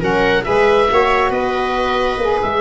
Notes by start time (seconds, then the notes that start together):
0.00 F#3 C#4 A#4 F#5
0.44 G#3 G#4 B4 E5
0.89 A#3 F#4 C#5
1.30 B3 B4 D#5
2.18 A#3 G#4
2.42 G#3 E5